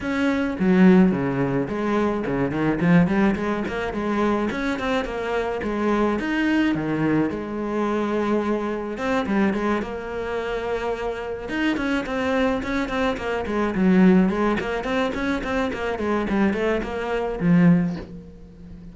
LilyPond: \new Staff \with { instrumentName = "cello" } { \time 4/4 \tempo 4 = 107 cis'4 fis4 cis4 gis4 | cis8 dis8 f8 g8 gis8 ais8 gis4 | cis'8 c'8 ais4 gis4 dis'4 | dis4 gis2. |
c'8 g8 gis8 ais2~ ais8~ | ais8 dis'8 cis'8 c'4 cis'8 c'8 ais8 | gis8 fis4 gis8 ais8 c'8 cis'8 c'8 | ais8 gis8 g8 a8 ais4 f4 | }